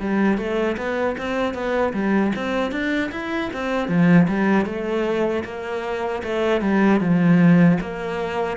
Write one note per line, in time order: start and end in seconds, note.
0.00 0.38 G3
0.38 0.77 A3
0.78 1.17 B3
1.18 1.54 C4
1.54 1.93 B3
1.93 2.32 G3
2.36 2.72 C4
2.72 3.11 D4
3.12 3.51 E4
3.53 3.89 C4
3.89 4.28 F3
4.29 4.66 G3
4.66 5.44 A3
5.45 6.23 A#3
6.23 6.62 A3
6.62 7.01 G3
7.01 7.79 F3
7.81 8.57 A#3